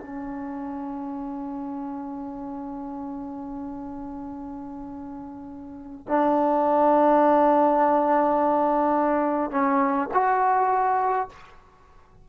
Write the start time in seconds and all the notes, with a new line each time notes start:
0.00 C#4
6.08 D4
9.51 C#4
10.14 F#4